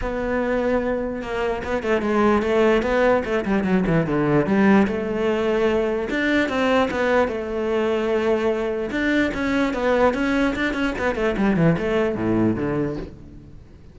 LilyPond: \new Staff \with { instrumentName = "cello" } { \time 4/4 \tempo 4 = 148 b2. ais4 | b8 a8 gis4 a4 b4 | a8 g8 fis8 e8 d4 g4 | a2. d'4 |
c'4 b4 a2~ | a2 d'4 cis'4 | b4 cis'4 d'8 cis'8 b8 a8 | g8 e8 a4 a,4 d4 | }